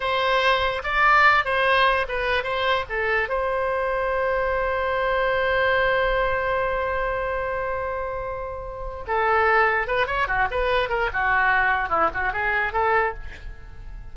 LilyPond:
\new Staff \with { instrumentName = "oboe" } { \time 4/4 \tempo 4 = 146 c''2 d''4. c''8~ | c''4 b'4 c''4 a'4 | c''1~ | c''1~ |
c''1~ | c''2 a'2 | b'8 cis''8 fis'8 b'4 ais'8 fis'4~ | fis'4 e'8 fis'8 gis'4 a'4 | }